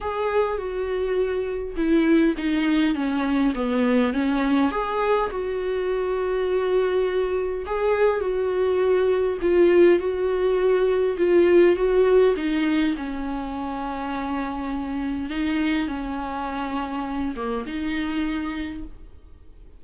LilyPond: \new Staff \with { instrumentName = "viola" } { \time 4/4 \tempo 4 = 102 gis'4 fis'2 e'4 | dis'4 cis'4 b4 cis'4 | gis'4 fis'2.~ | fis'4 gis'4 fis'2 |
f'4 fis'2 f'4 | fis'4 dis'4 cis'2~ | cis'2 dis'4 cis'4~ | cis'4. ais8 dis'2 | }